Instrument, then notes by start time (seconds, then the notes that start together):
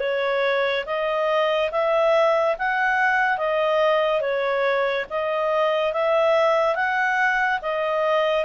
clarinet
0.00 C#5
0.86 D#5
1.71 E5
2.59 F#5
3.38 D#5
4.21 C#5
5.10 D#5
5.93 E5
6.76 F#5
7.62 D#5